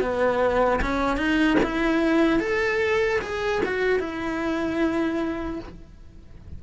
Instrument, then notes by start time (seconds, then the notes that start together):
cello
0.00 B3
0.81 C#4
1.17 D#4
1.63 E4
2.40 A4
3.21 G#4
3.65 F#4
3.99 E4